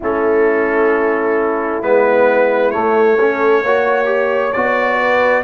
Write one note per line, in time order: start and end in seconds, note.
0.00 1.81 A3
0.00 1.82 C#4
0.00 3.15 E4
0.00 1.82 A4
1.81 2.72 G#3
1.81 2.72 B3
1.81 2.70 B4
2.70 3.18 A3
2.70 3.63 A3
2.70 4.52 C#5
3.17 3.65 C#4
3.17 3.62 A4
3.62 4.54 A#3
3.62 4.05 F#4
3.62 4.98 C#5
4.05 4.50 G4
4.52 5.44 B3
4.52 5.44 F#4
4.52 5.43 D5
4.99 5.44 B4